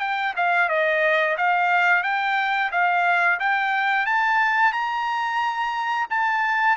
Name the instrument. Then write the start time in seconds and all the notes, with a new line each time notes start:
trumpet
0.00 G5
0.36 F5
0.69 D#5
1.37 F5
2.03 G5
2.72 F5
3.40 G5
4.06 A5
4.72 A#5
6.10 A5